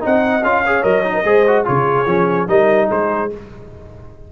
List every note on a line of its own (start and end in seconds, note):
0.00 0.43 C4
0.00 0.41 D#4
0.00 0.64 D#5
0.00 0.44 F#5
0.43 0.84 C#4
0.43 0.65 F4
0.43 0.84 F5
0.64 0.83 G#4
0.64 1.15 C#5
0.83 1.24 F#3
0.83 1.03 A#4
0.83 1.65 D#5
1.04 1.25 D#4
1.15 1.25 A#4
1.24 1.65 G#3
1.24 1.46 G#4
1.24 1.67 C5
1.48 1.65 F#4
1.65 2.06 C#3
1.65 2.06 F4
1.65 2.48 G#4
1.65 2.48 C#5
2.06 2.47 F3
2.06 2.48 C#4
2.48 2.89 G3
2.48 3.30 D#4
2.48 2.88 A#4
2.48 2.89 D#5
2.88 3.32 G#3
2.88 3.28 G#4
2.88 3.32 C5